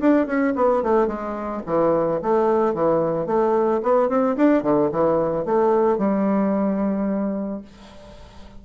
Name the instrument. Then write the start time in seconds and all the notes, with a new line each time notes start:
bassoon
0.00 D4
0.26 C#4
0.56 B3
0.83 A3
1.07 G#3
1.66 E3
2.22 A3
2.74 E3
3.26 A3
3.83 B3
4.08 C4
4.36 D4
4.62 D3
4.91 E3
5.45 A3
5.98 G3